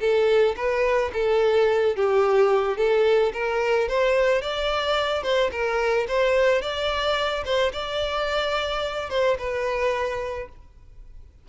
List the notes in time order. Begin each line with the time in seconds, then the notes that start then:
0.00 A4
0.56 B4
1.13 A4
1.96 G4
2.77 A4
3.33 A#4
3.88 C5
4.42 D5
5.22 C5
5.51 A#4
6.08 C5
6.61 D5
7.44 C5
7.72 D5
9.10 C5
9.38 B4